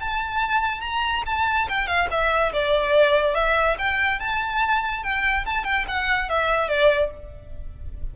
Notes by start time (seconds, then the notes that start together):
0.00 A5
0.81 A#5
1.26 A5
1.69 G5
1.87 F5
2.11 E5
2.53 D5
3.35 E5
3.79 G5
4.19 A5
5.03 G5
5.46 A5
5.64 G5
5.88 F#5
6.29 E5
6.68 D5